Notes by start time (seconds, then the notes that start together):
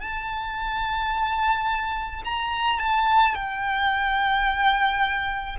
0.00 A5
2.25 A#5
2.79 A5
3.34 G5